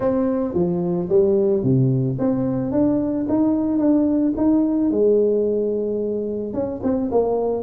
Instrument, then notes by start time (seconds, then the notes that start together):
tuba
0.00 C4
0.54 F3
1.09 G3
1.63 C3
2.18 C4
2.71 D4
3.29 D#4
3.78 D4
4.36 D#4
4.90 G#3
6.53 C#4
6.83 C4
7.11 A#3